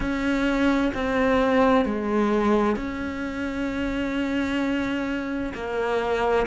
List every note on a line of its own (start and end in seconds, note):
0.00 0.91 C#4
0.94 1.85 C4
1.85 2.76 G#3
2.76 5.53 C#4
5.54 6.46 A#3